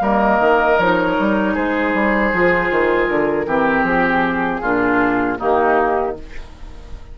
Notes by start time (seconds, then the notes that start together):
0.00 G3 A#3 A#4 D#5
0.39 D#3
0.78 F3 D#4 C#5
1.19 G3
1.53 G#3 G#4 C5
1.93 G3
2.32 F3 F4
2.70 D#3
3.07 D3 A#4
3.46 E3 C4 G4
3.83 F3 G#4
4.60 A#2 D4 F4
5.37 D#3 A#3 D#4 G4